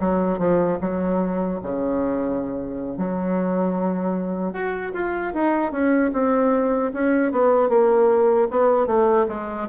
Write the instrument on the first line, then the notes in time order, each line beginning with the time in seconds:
bassoon
0.00 F#3
0.39 F3
0.81 F#3
1.63 C#3
2.98 F#3
4.54 F#4
4.94 F4
5.34 D#4
5.72 C#4
6.13 C4
6.94 C#4
7.32 B3
7.69 A#3
8.51 B3
8.87 A3
9.29 G#3